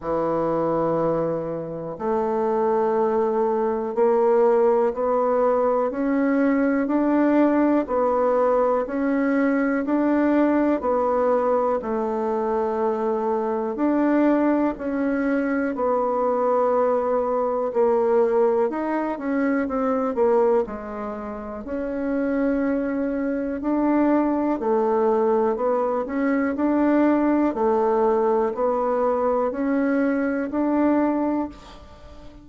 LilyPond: \new Staff \with { instrumentName = "bassoon" } { \time 4/4 \tempo 4 = 61 e2 a2 | ais4 b4 cis'4 d'4 | b4 cis'4 d'4 b4 | a2 d'4 cis'4 |
b2 ais4 dis'8 cis'8 | c'8 ais8 gis4 cis'2 | d'4 a4 b8 cis'8 d'4 | a4 b4 cis'4 d'4 | }